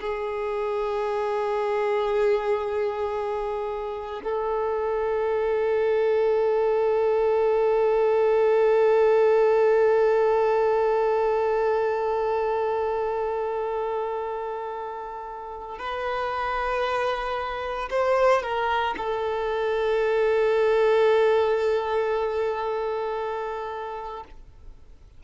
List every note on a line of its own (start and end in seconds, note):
0.00 4.21 G#4
4.23 15.78 A4
15.78 17.89 B4
17.90 18.42 C5
18.42 18.95 A#4
18.97 24.23 A4